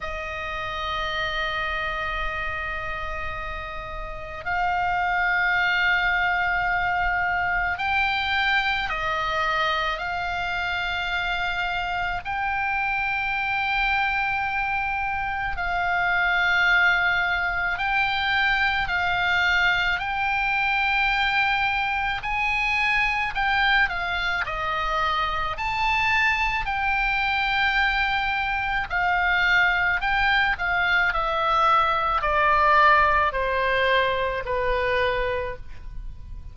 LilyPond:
\new Staff \with { instrumentName = "oboe" } { \time 4/4 \tempo 4 = 54 dis''1 | f''2. g''4 | dis''4 f''2 g''4~ | g''2 f''2 |
g''4 f''4 g''2 | gis''4 g''8 f''8 dis''4 a''4 | g''2 f''4 g''8 f''8 | e''4 d''4 c''4 b'4 | }